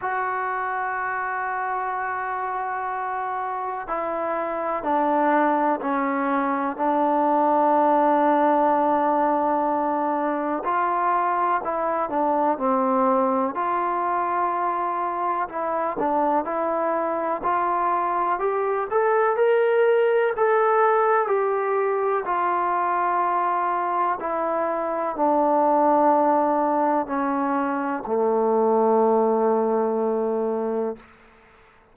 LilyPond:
\new Staff \with { instrumentName = "trombone" } { \time 4/4 \tempo 4 = 62 fis'1 | e'4 d'4 cis'4 d'4~ | d'2. f'4 | e'8 d'8 c'4 f'2 |
e'8 d'8 e'4 f'4 g'8 a'8 | ais'4 a'4 g'4 f'4~ | f'4 e'4 d'2 | cis'4 a2. | }